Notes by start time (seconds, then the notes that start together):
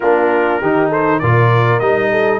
0.00 A#3 D4 F4 A#4
0.60 D#3 D#4 G4
0.89 A4 C5
1.19 A#2 F4 A#4 D5
1.79 G3 D#4 D#5
2.11 A4